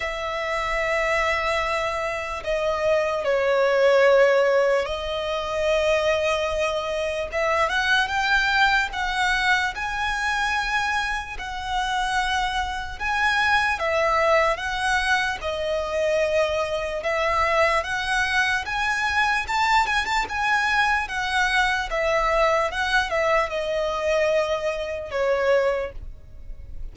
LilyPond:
\new Staff \with { instrumentName = "violin" } { \time 4/4 \tempo 4 = 74 e''2. dis''4 | cis''2 dis''2~ | dis''4 e''8 fis''8 g''4 fis''4 | gis''2 fis''2 |
gis''4 e''4 fis''4 dis''4~ | dis''4 e''4 fis''4 gis''4 | a''8 gis''16 a''16 gis''4 fis''4 e''4 | fis''8 e''8 dis''2 cis''4 | }